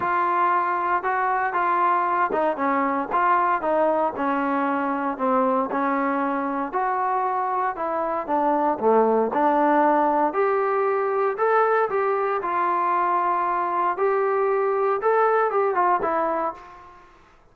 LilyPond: \new Staff \with { instrumentName = "trombone" } { \time 4/4 \tempo 4 = 116 f'2 fis'4 f'4~ | f'8 dis'8 cis'4 f'4 dis'4 | cis'2 c'4 cis'4~ | cis'4 fis'2 e'4 |
d'4 a4 d'2 | g'2 a'4 g'4 | f'2. g'4~ | g'4 a'4 g'8 f'8 e'4 | }